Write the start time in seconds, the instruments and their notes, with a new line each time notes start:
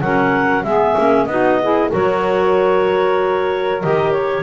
0.00 double bass F#3, clarinet C#4 F#5, saxophone A#4
0.63 double bass G#3, clarinet B3 E5, saxophone G#4
0.95 double bass A#3, clarinet C#4
1.25 double bass B3, clarinet D#4 D#5, saxophone F#4
1.61 clarinet E4, saxophone G#4
1.90 double bass F#3, clarinet F#4 C#5, saxophone A#4
3.81 double bass D#3, clarinet G4 D#5
4.11 clarinet C#5